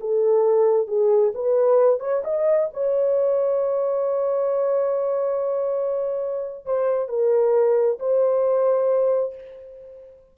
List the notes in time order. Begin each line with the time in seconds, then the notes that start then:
0.00 A4
0.87 G#4
1.35 B4
2.00 C#5
2.24 D#5
2.73 C#5
6.65 C5
7.08 A#4
7.99 C5